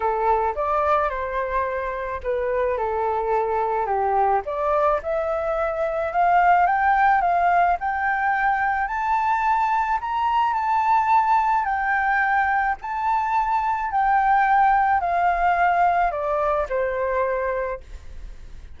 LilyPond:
\new Staff \with { instrumentName = "flute" } { \time 4/4 \tempo 4 = 108 a'4 d''4 c''2 | b'4 a'2 g'4 | d''4 e''2 f''4 | g''4 f''4 g''2 |
a''2 ais''4 a''4~ | a''4 g''2 a''4~ | a''4 g''2 f''4~ | f''4 d''4 c''2 | }